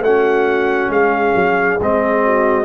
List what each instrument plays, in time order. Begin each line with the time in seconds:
0.00 tuba A3, trombone C#4, horn F#4, trumpet F#5
0.89 tuba G#3, horn G#4, trumpet F5
1.35 tuba F#3
1.80 tuba G#3, trombone C4, trumpet D#5
2.25 horn F#4